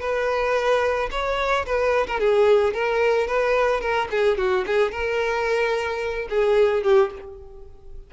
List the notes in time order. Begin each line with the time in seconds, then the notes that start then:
0.00 B4
1.11 C#5
1.66 B4
2.07 A#4
2.19 G#4
2.73 A#4
3.27 B4
3.80 A#4
4.10 G#4
4.37 F#4
4.66 G#4
4.91 A#4
6.29 G#4
6.83 G4